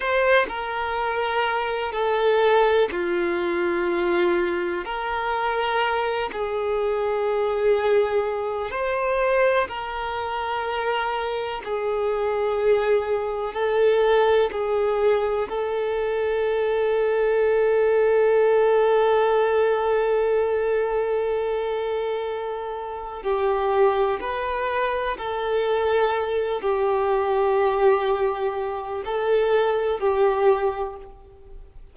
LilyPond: \new Staff \with { instrumentName = "violin" } { \time 4/4 \tempo 4 = 62 c''8 ais'4. a'4 f'4~ | f'4 ais'4. gis'4.~ | gis'4 c''4 ais'2 | gis'2 a'4 gis'4 |
a'1~ | a'1 | g'4 b'4 a'4. g'8~ | g'2 a'4 g'4 | }